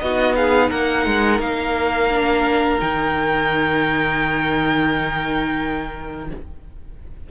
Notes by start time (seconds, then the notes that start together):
0.00 B3 D#4 F#4 D#5
0.35 G#4 F5
0.69 A#3 A#4 F#5
1.06 G#3
1.39 A#3 F5
2.10 D4
2.79 D#3 D#4 G5